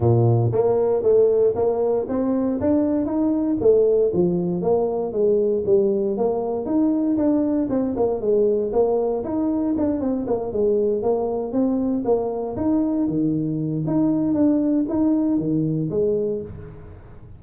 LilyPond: \new Staff \with { instrumentName = "tuba" } { \time 4/4 \tempo 4 = 117 ais,4 ais4 a4 ais4 | c'4 d'4 dis'4 a4 | f4 ais4 gis4 g4 | ais4 dis'4 d'4 c'8 ais8 |
gis4 ais4 dis'4 d'8 c'8 | ais8 gis4 ais4 c'4 ais8~ | ais8 dis'4 dis4. dis'4 | d'4 dis'4 dis4 gis4 | }